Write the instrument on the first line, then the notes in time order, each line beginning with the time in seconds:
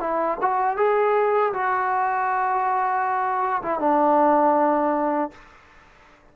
trombone
0.00 E4
0.41 F#4
0.77 G#4
1.53 F#4
3.62 E4
3.79 D4